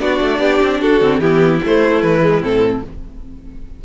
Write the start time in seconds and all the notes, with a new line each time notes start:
0.00 B3 D4 F#4 D5
0.21 A3
0.39 B3 G4
0.62 C4
0.81 D4 F#4 A4
1.01 D3 C4
1.19 E3 B3 E4 G4
1.64 A3 C5
2.02 E3 B4
2.21 G#3
2.41 A2 C4 A4